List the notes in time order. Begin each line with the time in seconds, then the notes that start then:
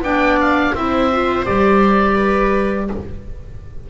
0.00 B3 D4 D5 G5
0.40 F5
0.74 C4 E4 C5 E5
1.11 F4
1.45 G3 G4 D5
2.13 B4